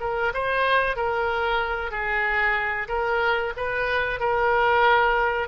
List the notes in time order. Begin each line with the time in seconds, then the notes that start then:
0.00 A#4
0.34 C5
0.96 A#4
1.91 G#4
2.88 A#4
3.56 B4
4.20 A#4